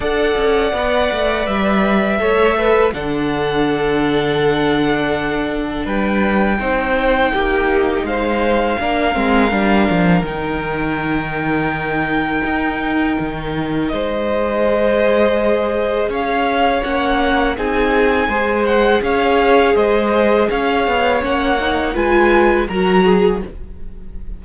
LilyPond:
<<
  \new Staff \with { instrumentName = "violin" } { \time 4/4 \tempo 4 = 82 fis''2 e''2 | fis''1 | g''2. f''4~ | f''2 g''2~ |
g''2. dis''4~ | dis''2 f''4 fis''4 | gis''4. fis''8 f''4 dis''4 | f''4 fis''4 gis''4 ais''4 | }
  \new Staff \with { instrumentName = "violin" } { \time 4/4 d''2. cis''8 b'8 | a'1 | b'4 c''4 g'4 c''4 | ais'1~ |
ais'2. c''4~ | c''2 cis''2 | gis'4 c''4 cis''4 c''4 | cis''2 b'4 ais'8 gis'8 | }
  \new Staff \with { instrumentName = "viola" } { \time 4/4 a'4 b'2 a'4 | d'1~ | d'4 dis'2. | d'8 c'8 d'4 dis'2~ |
dis'1 | gis'2. cis'4 | dis'4 gis'2.~ | gis'4 cis'8 dis'8 f'4 fis'4 | }
  \new Staff \with { instrumentName = "cello" } { \time 4/4 d'8 cis'8 b8 a8 g4 a4 | d1 | g4 c'4 ais4 gis4 | ais8 gis8 g8 f8 dis2~ |
dis4 dis'4 dis4 gis4~ | gis2 cis'4 ais4 | c'4 gis4 cis'4 gis4 | cis'8 b8 ais4 gis4 fis4 | }
>>